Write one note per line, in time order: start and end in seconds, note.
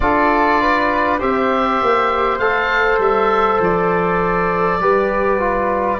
0.00 1.20 D4
0.00 1.19 F4
0.00 0.61 A4
0.00 1.20 D5
0.61 1.19 B4
1.19 1.81 C4
1.19 2.39 G4
1.19 4.79 C5
1.19 2.38 E5
1.82 2.38 A#3
2.38 2.98 A3
2.38 4.80 A4
2.38 2.98 F5
2.98 3.58 G3
2.98 3.61 E5
3.60 4.79 F3
3.60 6.00 D5
4.79 6.00 G3
4.79 5.39 G4
4.79 6.00 B4
5.39 5.99 F4